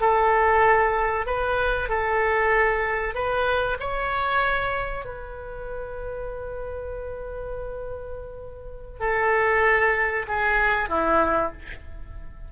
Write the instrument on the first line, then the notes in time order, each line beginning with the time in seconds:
oboe
0.00 A4
1.26 B4
1.89 A4
3.14 B4
3.79 C#5
5.05 B4
8.99 A4
10.27 G#4
10.89 E4